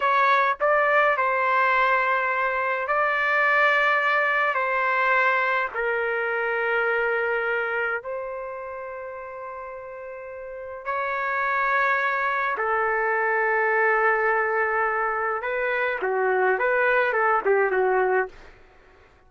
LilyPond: \new Staff \with { instrumentName = "trumpet" } { \time 4/4 \tempo 4 = 105 cis''4 d''4 c''2~ | c''4 d''2. | c''2 ais'2~ | ais'2 c''2~ |
c''2. cis''4~ | cis''2 a'2~ | a'2. b'4 | fis'4 b'4 a'8 g'8 fis'4 | }